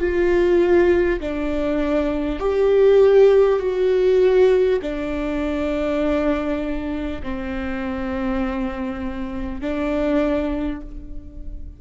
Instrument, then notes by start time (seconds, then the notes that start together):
viola
0.00 F4
1.20 D4
2.39 G4
3.59 F#4
4.82 D4
7.22 C4
9.61 D4